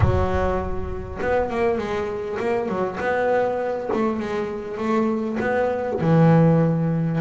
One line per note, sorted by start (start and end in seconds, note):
0.00 1.19 F#3
1.21 1.50 B3
1.50 1.78 A#3
1.78 2.38 G#3
2.39 2.68 A#3
2.68 2.98 F#3
3.00 3.90 B3
3.93 4.19 A3
4.19 4.77 G#3
4.77 5.37 A3
5.40 6.00 B3
6.00 7.20 E3